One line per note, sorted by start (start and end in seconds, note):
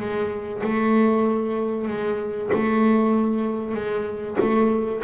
0.00 0.62 G#3
0.64 1.88 A3
1.88 2.51 G#3
2.53 3.75 A3
3.75 4.37 G#3
4.40 5.03 A3